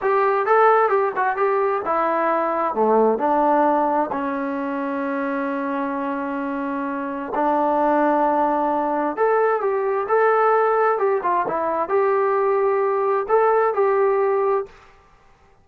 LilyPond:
\new Staff \with { instrumentName = "trombone" } { \time 4/4 \tempo 4 = 131 g'4 a'4 g'8 fis'8 g'4 | e'2 a4 d'4~ | d'4 cis'2.~ | cis'1 |
d'1 | a'4 g'4 a'2 | g'8 f'8 e'4 g'2~ | g'4 a'4 g'2 | }